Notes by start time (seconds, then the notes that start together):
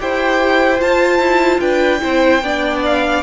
0.00 E4 G4 C5 G5
0.79 F4 A5
1.19 E4
1.60 D4 B4 G5
2.00 C4 E4 C5
2.43 B3 D4 D5
2.85 F5